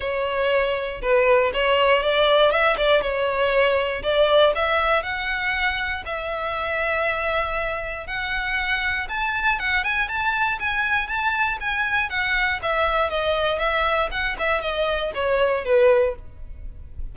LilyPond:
\new Staff \with { instrumentName = "violin" } { \time 4/4 \tempo 4 = 119 cis''2 b'4 cis''4 | d''4 e''8 d''8 cis''2 | d''4 e''4 fis''2 | e''1 |
fis''2 a''4 fis''8 gis''8 | a''4 gis''4 a''4 gis''4 | fis''4 e''4 dis''4 e''4 | fis''8 e''8 dis''4 cis''4 b'4 | }